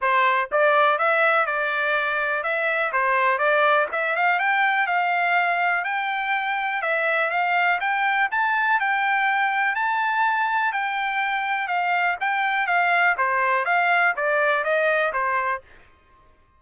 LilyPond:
\new Staff \with { instrumentName = "trumpet" } { \time 4/4 \tempo 4 = 123 c''4 d''4 e''4 d''4~ | d''4 e''4 c''4 d''4 | e''8 f''8 g''4 f''2 | g''2 e''4 f''4 |
g''4 a''4 g''2 | a''2 g''2 | f''4 g''4 f''4 c''4 | f''4 d''4 dis''4 c''4 | }